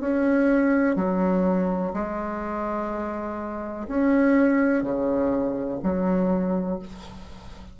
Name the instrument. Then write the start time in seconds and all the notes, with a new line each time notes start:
bassoon
0.00 C#4
0.95 F#3
1.93 G#3
3.88 C#4
4.83 C#3
5.82 F#3